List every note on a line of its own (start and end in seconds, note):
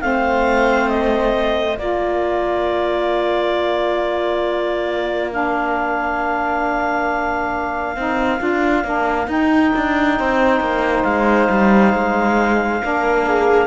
0.00 1.78 A3
0.00 1.76 C4
0.00 1.79 C5
0.00 0.89 F5
0.89 1.77 D#5
1.78 7.96 A#3
1.78 5.31 F4
1.78 10.17 A#4
1.78 5.31 D5
5.31 7.95 D4
5.31 9.30 F5
7.96 8.40 C4
7.96 8.39 D#4
8.39 8.84 D4
8.39 8.83 F4
8.84 9.27 A#3
8.84 9.26 D4
9.26 12.79 D#4
9.26 9.72 D#4
9.26 11.03 G5
9.76 10.19 D4
10.19 10.60 C4
10.19 12.83 C5
10.60 11.04 A#3
11.03 11.49 G#3
11.03 13.67 F5
11.49 11.93 G3
11.93 12.82 G#3
12.81 13.67 A#3
12.81 13.67 D4
12.81 13.25 A#4
13.25 13.67 G#4